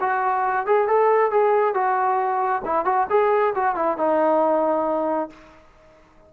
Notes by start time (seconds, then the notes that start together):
0.00 F#4
0.66 G#4
0.88 A4
1.31 G#4
1.74 F#4
2.65 E4
2.85 F#4
3.10 G#4
3.55 F#4
3.75 E4
3.97 D#4